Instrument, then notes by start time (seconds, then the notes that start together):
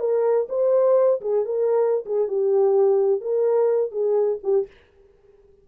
horn
0.00 A#4
0.50 C5
1.21 G#4
1.45 A#4
2.06 G#4
2.28 G4
3.21 A#4
3.92 G#4
4.44 G4